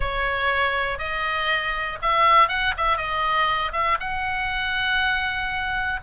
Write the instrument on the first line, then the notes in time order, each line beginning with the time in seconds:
oboe
0.00 C#5
0.98 D#5
2.01 E5
2.48 F#5
2.77 E5
2.97 D#5
3.72 E5
4.00 F#5